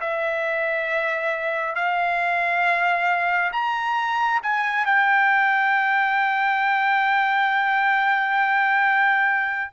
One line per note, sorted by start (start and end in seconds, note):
0.00 1.74 E5
1.74 3.51 F5
3.52 4.40 A#5
4.42 4.85 G#5
4.85 9.71 G5